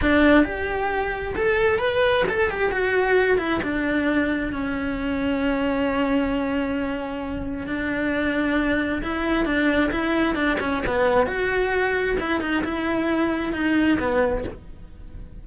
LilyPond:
\new Staff \with { instrumentName = "cello" } { \time 4/4 \tempo 4 = 133 d'4 g'2 a'4 | b'4 a'8 g'8 fis'4. e'8 | d'2 cis'2~ | cis'1~ |
cis'4 d'2. | e'4 d'4 e'4 d'8 cis'8 | b4 fis'2 e'8 dis'8 | e'2 dis'4 b4 | }